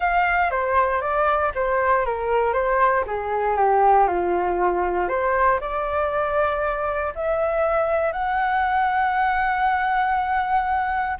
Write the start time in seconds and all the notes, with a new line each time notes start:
0.00 F5
0.50 C5
1.01 D5
1.55 C5
2.05 A#4
2.53 C5
3.06 G#4
3.57 G4
4.07 F4
5.08 C5
5.60 D5
7.15 E5
8.12 F#5